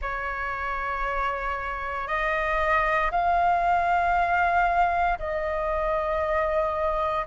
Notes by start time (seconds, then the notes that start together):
0.01 C#5
2.07 D#5
3.11 F5
5.19 D#5